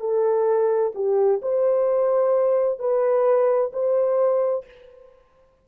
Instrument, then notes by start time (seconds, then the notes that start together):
horn
0.00 A4
0.95 G4
1.42 C5
2.79 B4
3.73 C5